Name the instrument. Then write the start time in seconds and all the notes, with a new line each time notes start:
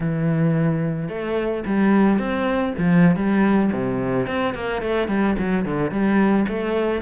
cello
0.00 E3
1.08 A3
1.66 G3
2.18 C4
2.78 F3
3.16 G3
3.72 C3
4.27 C4
4.54 A#3
4.82 A3
5.08 G3
5.38 F#3
5.65 D3
5.91 G3
6.48 A3